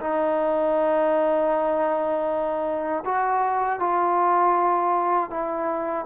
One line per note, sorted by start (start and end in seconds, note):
0.00 3.04 D#4
3.05 3.79 F#4
3.79 5.30 F4
5.30 6.06 E4